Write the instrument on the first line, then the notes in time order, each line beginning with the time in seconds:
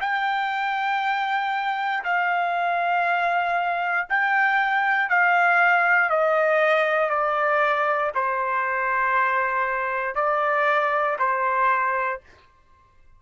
trumpet
0.00 G5
2.03 F5
4.09 G5
5.09 F5
6.09 D#5
7.09 D5
8.14 C5
10.15 D5
11.19 C5